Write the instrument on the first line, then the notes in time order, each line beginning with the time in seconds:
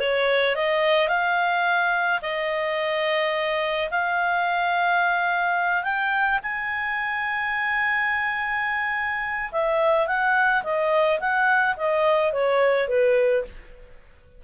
clarinet
0.00 C#5
0.56 D#5
1.08 F5
2.22 D#5
3.91 F5
5.84 G5
6.43 G#5
9.52 E5
10.07 F#5
10.64 D#5
11.20 F#5
11.77 D#5
12.33 C#5
12.88 B4